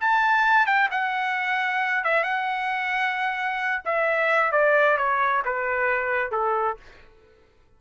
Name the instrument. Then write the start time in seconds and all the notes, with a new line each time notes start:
trumpet
0.00 A5
0.66 G5
0.91 F#5
2.04 E5
2.23 F#5
3.85 E5
4.52 D5
4.97 C#5
5.45 B4
6.31 A4